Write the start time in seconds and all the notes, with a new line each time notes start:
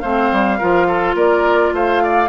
0.00 A3 C4 C5 F5
0.32 G3
0.58 F3 F4 A#4
0.87 A4
1.15 A#3 A#4 D5
1.73 A3 C5 F5
2.03 D5